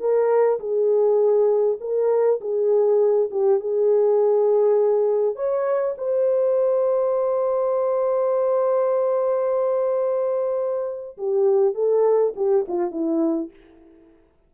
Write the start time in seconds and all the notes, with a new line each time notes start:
0.00 A#4
0.60 G#4
1.80 A#4
2.41 G#4
3.31 G4
3.60 G#4
5.36 C#5
5.97 C5
11.18 G4
11.74 A4
12.36 G4
12.68 F4
12.91 E4